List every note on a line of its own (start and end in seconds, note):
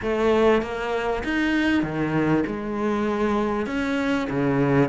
0.02 0.62 A3
0.62 1.23 A#3
1.24 1.83 D#4
1.83 2.44 D#3
2.47 3.66 G#3
3.66 4.27 C#4
4.30 4.89 C#3